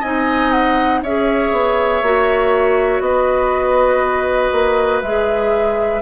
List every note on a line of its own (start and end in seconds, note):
0.00 1.02 C4
0.00 1.04 D#4
0.00 1.00 D#5
0.00 0.51 G#5
0.51 1.01 F#5
1.02 1.52 C#4
1.02 2.04 G#4
1.02 3.03 C#5
1.02 3.01 E5
1.52 2.02 B3
2.02 3.00 A#3
2.02 5.04 F#4
3.00 4.50 B3
3.00 6.01 B4
3.00 5.01 D#5
4.52 5.02 A#3
5.02 6.01 G#3
5.02 6.01 G#4
5.02 6.01 E5